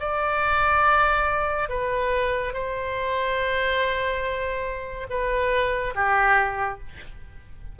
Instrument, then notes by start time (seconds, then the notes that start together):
oboe
0.00 D5
1.69 B4
2.53 C5
5.10 B4
5.95 G4